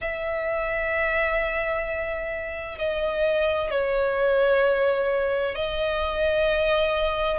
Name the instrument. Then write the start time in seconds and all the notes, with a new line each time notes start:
violin
0.01 E5
2.78 D#5
3.70 C#5
5.55 D#5